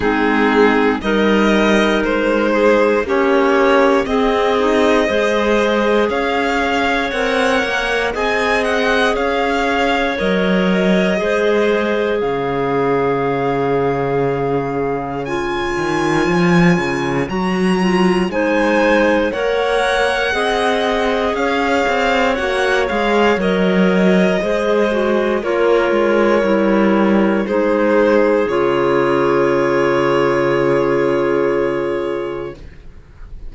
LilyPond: <<
  \new Staff \with { instrumentName = "violin" } { \time 4/4 \tempo 4 = 59 gis'4 dis''4 c''4 cis''4 | dis''2 f''4 fis''4 | gis''8 fis''8 f''4 dis''2 | f''2. gis''4~ |
gis''4 ais''4 gis''4 fis''4~ | fis''4 f''4 fis''8 f''8 dis''4~ | dis''4 cis''2 c''4 | cis''1 | }
  \new Staff \with { instrumentName = "clarinet" } { \time 4/4 dis'4 ais'4. gis'8 g'4 | gis'4 c''4 cis''2 | dis''4 cis''2 c''4 | cis''1~ |
cis''2 c''4 cis''4 | dis''4 cis''2. | c''4 ais'2 gis'4~ | gis'1 | }
  \new Staff \with { instrumentName = "clarinet" } { \time 4/4 c'4 dis'2 cis'4 | c'8 dis'8 gis'2 ais'4 | gis'2 ais'4 gis'4~ | gis'2. f'4~ |
f'4 fis'8 f'8 dis'4 ais'4 | gis'2 fis'8 gis'8 ais'4 | gis'8 fis'8 f'4 e'4 dis'4 | f'1 | }
  \new Staff \with { instrumentName = "cello" } { \time 4/4 gis4 g4 gis4 ais4 | c'4 gis4 cis'4 c'8 ais8 | c'4 cis'4 fis4 gis4 | cis2.~ cis8 dis8 |
f8 cis8 fis4 gis4 ais4 | c'4 cis'8 c'8 ais8 gis8 fis4 | gis4 ais8 gis8 g4 gis4 | cis1 | }
>>